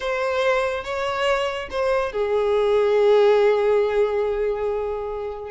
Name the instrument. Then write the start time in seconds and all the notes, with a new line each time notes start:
violin
0.00 C5
0.84 C#5
1.70 C5
2.12 G#4